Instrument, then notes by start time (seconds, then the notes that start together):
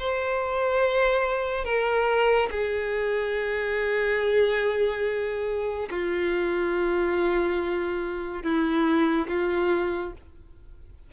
violin
0.00 C5
1.65 A#4
2.52 G#4
5.91 F4
8.44 E4
9.28 F4